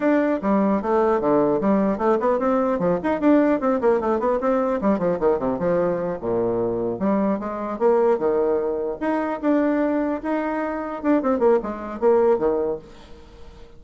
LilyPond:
\new Staff \with { instrumentName = "bassoon" } { \time 4/4 \tempo 4 = 150 d'4 g4 a4 d4 | g4 a8 b8 c'4 f8 dis'8 | d'4 c'8 ais8 a8 b8 c'4 | g8 f8 dis8 c8 f4. ais,8~ |
ais,4. g4 gis4 ais8~ | ais8 dis2 dis'4 d'8~ | d'4. dis'2 d'8 | c'8 ais8 gis4 ais4 dis4 | }